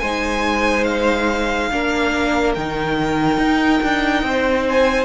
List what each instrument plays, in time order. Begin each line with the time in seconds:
0.00 cello G#3, viola D#4, violin C5 G#5
0.84 violin F5
1.72 cello A#3, viola D4, violin A#4
2.55 cello D#3, viola D#4, violin G5
3.38 cello D#4
3.83 cello D4
4.23 cello C4, violin C5
4.70 violin G#5